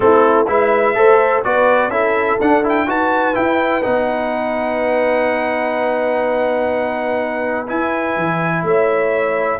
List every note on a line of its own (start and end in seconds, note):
0.00 0.48 A3
0.00 0.46 C4
0.00 0.48 E4
0.00 0.46 A4
0.47 0.95 G#3
0.47 0.95 E4
0.47 0.96 B4
0.47 1.43 E5
0.95 1.43 A3
0.95 1.43 A4
0.95 1.45 C5
1.43 1.88 B3
1.43 1.91 F#4
1.43 1.91 B4
1.43 1.90 D5
1.88 2.36 C#4
1.88 2.39 E4
1.88 2.87 A4
1.88 2.38 E5
2.40 2.87 D4
2.40 2.63 D4
2.40 2.65 F#5
2.63 2.87 E4
2.63 2.89 G5
2.87 3.35 D#4
2.87 3.34 F#4
2.87 8.63 B4
2.87 3.35 A5
3.34 3.82 E4
3.34 3.85 E4
3.34 3.83 G5
3.82 7.70 B3
3.82 7.66 D#4
3.82 7.67 F#5
7.67 9.59 E4
7.67 8.16 E4
7.67 8.64 G#5
8.16 8.62 E3
8.62 9.58 A3
8.62 9.60 C#5
8.62 9.60 E5